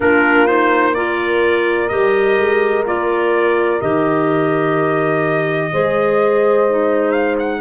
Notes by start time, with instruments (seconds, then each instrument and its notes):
0.00 tuba A#3, clarinet D4, horn F4, trumpet A#4
0.46 clarinet D#4, trumpet C5
0.94 clarinet F4, horn A#4, trumpet D5
1.88 tuba G3, clarinet G4, trumpet D#5
2.38 tuba G#3
2.85 tuba A#3, clarinet F4, trumpet D5
3.80 tuba D#3, clarinet G4, trumpet D#5
5.71 tuba G#3, clarinet G#4, horn C5
6.69 clarinet D#4
7.11 trumpet F5
7.39 trumpet F#5